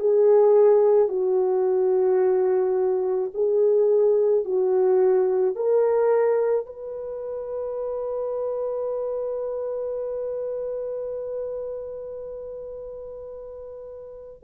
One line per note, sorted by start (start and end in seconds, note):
0.00 1.09 G#4
1.09 3.31 F#4
3.34 4.45 G#4
4.45 5.56 F#4
5.56 6.66 A#4
6.66 14.44 B4